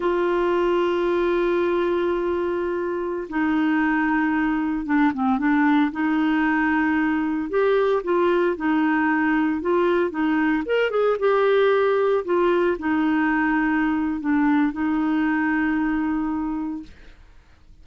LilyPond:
\new Staff \with { instrumentName = "clarinet" } { \time 4/4 \tempo 4 = 114 f'1~ | f'2~ f'16 dis'4.~ dis'16~ | dis'4~ dis'16 d'8 c'8 d'4 dis'8.~ | dis'2~ dis'16 g'4 f'8.~ |
f'16 dis'2 f'4 dis'8.~ | dis'16 ais'8 gis'8 g'2 f'8.~ | f'16 dis'2~ dis'8. d'4 | dis'1 | }